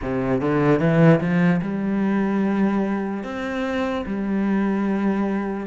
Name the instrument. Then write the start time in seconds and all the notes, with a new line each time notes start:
cello
0.02 C3
0.40 D3
0.79 E3
1.20 F3
1.61 G3
3.23 C4
4.05 G3